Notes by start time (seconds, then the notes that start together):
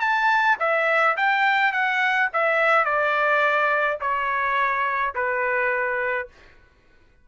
0.00 A5
0.59 E5
1.17 G5
1.72 F#5
2.33 E5
2.85 D5
4.01 C#5
5.15 B4